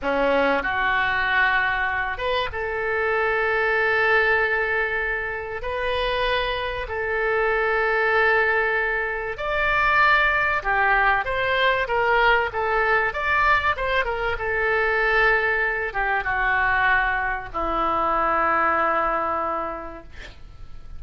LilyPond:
\new Staff \with { instrumentName = "oboe" } { \time 4/4 \tempo 4 = 96 cis'4 fis'2~ fis'8 b'8 | a'1~ | a'4 b'2 a'4~ | a'2. d''4~ |
d''4 g'4 c''4 ais'4 | a'4 d''4 c''8 ais'8 a'4~ | a'4. g'8 fis'2 | e'1 | }